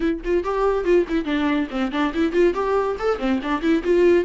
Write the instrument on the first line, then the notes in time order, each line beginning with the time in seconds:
viola
0.00 E4
0.24 F4
0.44 G4
0.84 F4
1.08 E4
1.25 D4
1.70 C4
1.91 D4
2.14 E4
2.32 F4
2.53 G4
2.99 A4
3.18 C4
3.43 D4
3.61 E4
3.83 F4